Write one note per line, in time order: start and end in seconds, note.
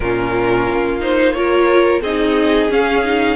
0.00 0.67 A#2
0.00 1.00 C#4
0.00 1.36 F4
0.00 0.99 A#4
0.69 2.01 A#3
1.00 1.34 D#4
1.00 1.32 C5
1.32 2.02 F4
1.32 2.01 A#4
1.32 2.00 C#5
2.01 2.68 C4
2.01 2.69 D#4
2.01 3.36 G#4
2.01 2.70 D#5
2.69 3.03 C#4
2.69 3.36 C#4
2.69 3.36 F5
3.04 3.36 D#4